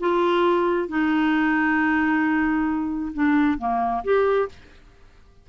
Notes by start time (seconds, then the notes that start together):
0.00 F4
0.88 D#4
3.14 D4
3.58 A#3
4.04 G4